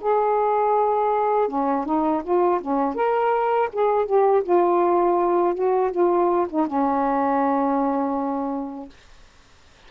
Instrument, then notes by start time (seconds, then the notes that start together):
saxophone
0.00 G#4
1.48 C#4
1.85 D#4
2.23 F4
2.61 C#4
2.95 A#4
3.72 G#4
4.05 G4
4.43 F4
5.54 F#4
5.91 F4
6.49 D#4
6.67 C#4